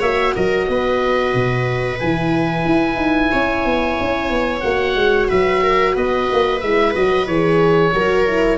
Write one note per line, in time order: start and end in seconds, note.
0.00 0.35 A#3
0.00 1.99 F#4
0.00 0.33 C#5
0.00 0.35 E5
0.35 0.68 F#3
0.35 0.68 A#4
0.35 2.00 D#5
0.68 1.34 B3
0.68 3.32 B4
1.34 2.00 B2
2.00 2.65 E3
2.00 4.63 E4
2.00 4.61 G#5
2.65 2.95 E4
2.95 3.28 D#4
3.32 3.65 C#4
3.32 5.29 C#5
3.65 3.98 B3
4.00 4.30 C#4
4.30 4.63 B3
4.61 4.95 A#3
4.61 6.61 F#4
4.61 5.27 F#5
4.95 5.28 G#3
5.29 5.96 F#3
5.29 5.62 B4
5.29 5.96 E5
5.63 5.94 A#4
5.94 6.29 B3
5.94 7.92 B4
5.94 6.60 D#5
6.33 6.62 A#3
6.60 6.95 G#3
6.60 6.95 E4
6.60 6.93 E5
6.95 7.27 F#3
6.95 7.27 F#4
6.95 7.27 D#5
7.27 7.93 E3
7.27 7.93 G#4
7.27 8.58 C#5
7.93 8.58 F#3
7.93 8.26 F#4
7.93 8.58 A#4
8.27 8.58 E4